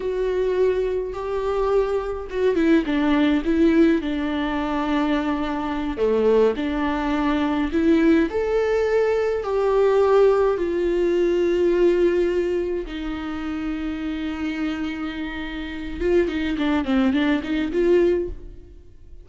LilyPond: \new Staff \with { instrumentName = "viola" } { \time 4/4 \tempo 4 = 105 fis'2 g'2 | fis'8 e'8 d'4 e'4 d'4~ | d'2~ d'8 a4 d'8~ | d'4. e'4 a'4.~ |
a'8 g'2 f'4.~ | f'2~ f'8 dis'4.~ | dis'1 | f'8 dis'8 d'8 c'8 d'8 dis'8 f'4 | }